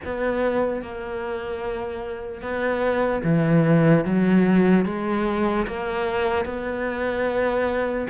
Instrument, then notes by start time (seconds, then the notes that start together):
cello
0.04 B3
0.81 A#3
2.41 B3
3.23 E3
4.04 F#3
4.85 G#3
5.66 A#3
6.45 B3